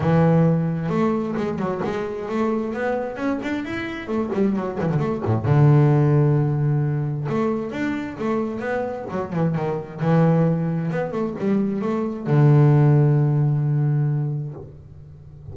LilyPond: \new Staff \with { instrumentName = "double bass" } { \time 4/4 \tempo 4 = 132 e2 a4 gis8 fis8 | gis4 a4 b4 cis'8 d'8 | e'4 a8 g8 fis8 e16 d16 a8 a,8 | d1 |
a4 d'4 a4 b4 | fis8 e8 dis4 e2 | b8 a8 g4 a4 d4~ | d1 | }